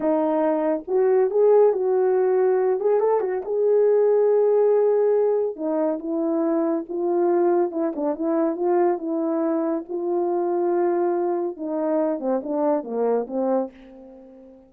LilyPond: \new Staff \with { instrumentName = "horn" } { \time 4/4 \tempo 4 = 140 dis'2 fis'4 gis'4 | fis'2~ fis'8 gis'8 a'8 fis'8 | gis'1~ | gis'4 dis'4 e'2 |
f'2 e'8 d'8 e'4 | f'4 e'2 f'4~ | f'2. dis'4~ | dis'8 c'8 d'4 ais4 c'4 | }